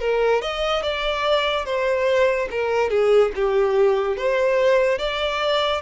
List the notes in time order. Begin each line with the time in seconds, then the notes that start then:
0.00 A#4
0.42 D#5
0.82 D5
1.65 C5
2.51 A#4
2.90 G#4
3.35 G4
4.17 C5
4.98 D5